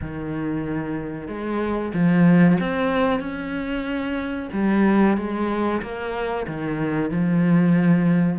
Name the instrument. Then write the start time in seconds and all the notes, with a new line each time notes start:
cello
0.01 D#3
1.27 G#3
1.93 F3
2.60 C4
3.19 C#4
4.52 G3
5.17 G#3
5.82 A#3
6.47 D#3
7.10 F3